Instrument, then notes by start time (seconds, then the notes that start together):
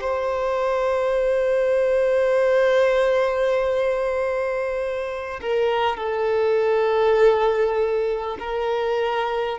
violin
0.00 C5
5.42 A#4
5.97 A4
8.39 A#4